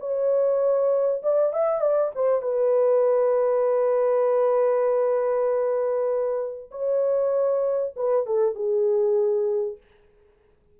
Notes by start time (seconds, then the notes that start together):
0.00 C#5
1.23 D5
1.53 E5
1.81 D5
2.15 C5
2.42 B4
6.71 C#5
7.96 B4
8.26 A4
8.55 G#4